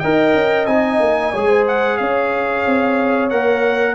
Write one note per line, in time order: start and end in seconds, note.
0.00 0.34 D#4
0.00 0.68 A#4
0.00 1.32 D#5
0.00 0.66 G5
0.34 0.67 C#4
0.66 1.00 C4
0.66 1.34 D#4
0.66 1.65 G#5
1.00 1.33 A#3
1.32 2.00 G#3
1.32 3.31 G#4
1.32 1.48 C#5
1.48 1.98 C5
1.68 1.97 F#5
1.97 2.66 C#4
1.97 3.95 C#5
1.97 3.29 F5
2.66 3.32 C4
3.30 3.95 A#3
3.30 3.95 A#4
3.30 3.95 F#5